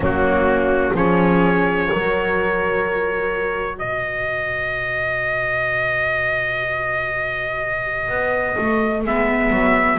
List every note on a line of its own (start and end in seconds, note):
0.00 0.91 F#3
0.00 0.96 A#3
0.00 0.94 C#4
0.00 0.95 F#4
0.93 1.89 F3
0.93 1.91 C#4
0.93 1.89 G#4
0.93 3.78 C#5
1.91 3.80 F#3
1.91 9.05 F#4
1.91 3.77 A#4
3.77 8.08 B2
3.77 9.96 B4
3.77 9.02 D#5
8.08 8.56 B3
8.57 9.04 A3
9.04 9.50 G#3
9.04 9.98 B3
9.04 9.98 E5
9.50 9.98 F#3